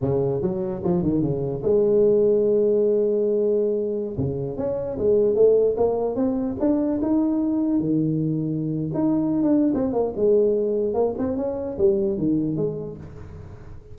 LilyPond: \new Staff \with { instrumentName = "tuba" } { \time 4/4 \tempo 4 = 148 cis4 fis4 f8 dis8 cis4 | gis1~ | gis2~ gis16 cis4 cis'8.~ | cis'16 gis4 a4 ais4 c'8.~ |
c'16 d'4 dis'2 dis8.~ | dis2 dis'4~ dis'16 d'8. | c'8 ais8 gis2 ais8 c'8 | cis'4 g4 dis4 gis4 | }